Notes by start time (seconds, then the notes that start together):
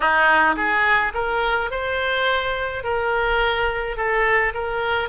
0.00 D#4
0.56 G#4
1.14 A#4
1.70 C5
2.83 A#4
3.96 A4
4.54 A#4